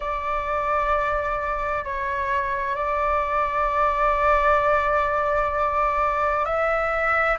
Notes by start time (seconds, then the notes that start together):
0.00 D5
1.84 C#5
2.75 D5
6.45 E5